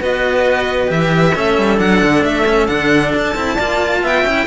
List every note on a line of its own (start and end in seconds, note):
0.00 0.90 B3
0.00 0.88 F#4
0.00 1.33 B4
0.00 0.90 D#5
0.88 1.35 E3
0.88 1.33 G4
0.88 1.79 E5
1.33 1.58 A3
1.33 1.77 C#4
1.33 3.55 A4
1.58 1.79 G3
1.77 2.02 F#3
1.77 2.44 D4
1.77 2.24 F#5
2.02 2.24 D3
2.24 2.68 A3
2.24 2.67 E5
2.46 2.68 C#4
2.67 3.14 D3
2.67 3.35 D4
2.67 3.12 F#5
3.15 3.35 D4
3.15 4.07 A5
3.35 3.57 C4
3.35 3.58 E4
3.55 4.03 A#3
3.55 4.26 F4
3.55 4.00 D5
4.02 4.23 B3
4.02 4.46 E5
4.02 4.46 G5
4.23 4.46 C#4
4.23 4.46 E4